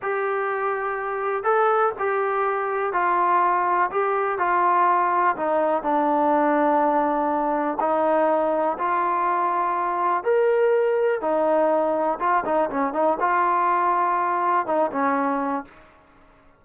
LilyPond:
\new Staff \with { instrumentName = "trombone" } { \time 4/4 \tempo 4 = 123 g'2. a'4 | g'2 f'2 | g'4 f'2 dis'4 | d'1 |
dis'2 f'2~ | f'4 ais'2 dis'4~ | dis'4 f'8 dis'8 cis'8 dis'8 f'4~ | f'2 dis'8 cis'4. | }